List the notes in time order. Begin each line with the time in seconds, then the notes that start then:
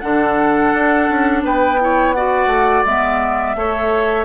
0.00 D3 D4 A4 F#5
0.73 D4
1.09 C#4
1.43 B3 B4 G5
1.80 E4 C#5
2.12 F#4 D5 F#5
2.46 A3
2.85 G#3 B3 E5
3.55 A3 A4 C#5